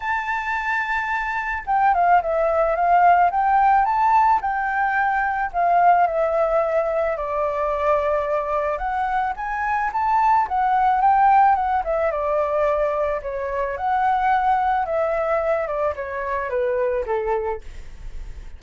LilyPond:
\new Staff \with { instrumentName = "flute" } { \time 4/4 \tempo 4 = 109 a''2. g''8 f''8 | e''4 f''4 g''4 a''4 | g''2 f''4 e''4~ | e''4 d''2. |
fis''4 gis''4 a''4 fis''4 | g''4 fis''8 e''8 d''2 | cis''4 fis''2 e''4~ | e''8 d''8 cis''4 b'4 a'4 | }